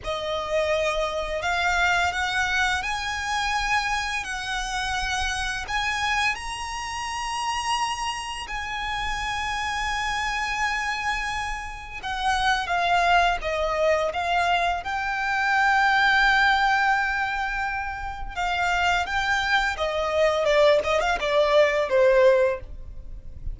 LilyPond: \new Staff \with { instrumentName = "violin" } { \time 4/4 \tempo 4 = 85 dis''2 f''4 fis''4 | gis''2 fis''2 | gis''4 ais''2. | gis''1~ |
gis''4 fis''4 f''4 dis''4 | f''4 g''2.~ | g''2 f''4 g''4 | dis''4 d''8 dis''16 f''16 d''4 c''4 | }